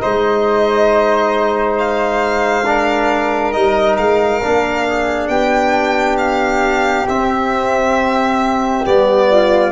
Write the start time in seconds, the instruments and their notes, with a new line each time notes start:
0.00 tuba G#3, trombone D#4, flute C5, violin D#5
1.78 violin F5
2.66 trombone D4, flute A#4
3.52 tuba G3, trombone D#4, violin D#5
3.98 tuba G#3, violin F5
4.42 tuba A#3, trombone D4
4.88 flute G#4
5.28 tuba B3, flute G4, violin G5
6.18 violin F5
7.08 trombone C4, tuba C4, violin E5
8.84 tuba G3, trombone B3, violin D5
9.30 flute F4